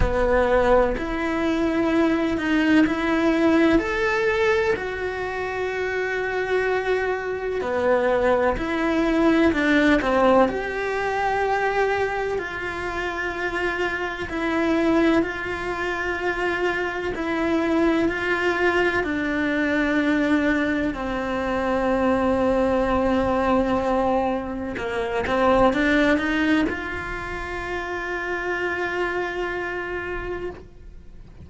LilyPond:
\new Staff \with { instrumentName = "cello" } { \time 4/4 \tempo 4 = 63 b4 e'4. dis'8 e'4 | a'4 fis'2. | b4 e'4 d'8 c'8 g'4~ | g'4 f'2 e'4 |
f'2 e'4 f'4 | d'2 c'2~ | c'2 ais8 c'8 d'8 dis'8 | f'1 | }